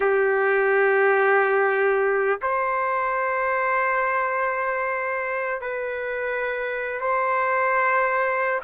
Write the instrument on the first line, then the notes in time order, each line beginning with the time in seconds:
trumpet
0.00 G4
2.42 C5
5.61 B4
7.00 C5